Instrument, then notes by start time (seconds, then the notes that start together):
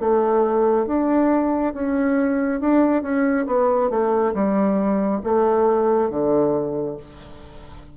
bassoon
0.00 A3
0.87 D4
1.74 C#4
2.61 D4
3.03 C#4
3.47 B3
3.91 A3
4.34 G3
5.24 A3
6.10 D3